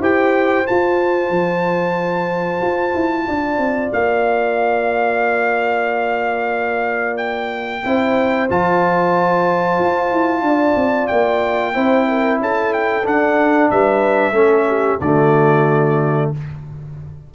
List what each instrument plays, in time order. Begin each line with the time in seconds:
0.00 tuba E4, trombone G4, horn C5, trumpet G5
0.65 trombone F4, tuba F4, trumpet A5
1.29 tuba F3
2.61 tuba F4
2.94 tuba E4
3.26 tuba D4, horn D5
3.58 tuba C4
3.92 tuba A#3, trumpet F5
7.17 trumpet G5
7.83 tuba C4, trombone E4, horn C5
8.49 tuba F3, trombone F4, trumpet A5
9.79 tuba F4
10.12 tuba E4
10.42 tuba D4, horn D5
10.75 tuba C4
11.07 tuba A#3, trumpet G5
11.74 tuba C4, trombone E4, horn C5
12.08 horn A#4
12.40 tuba C#4, horn A4, trumpet A5
12.73 trumpet G5
13.03 trombone D4, tuba D4, trumpet F#5
13.70 tuba G3, horn B4, trumpet E5
14.32 tuba A3, trombone C#4, horn A4
14.68 horn G4
15.00 tuba D3, trombone A3, horn F#4, trumpet D5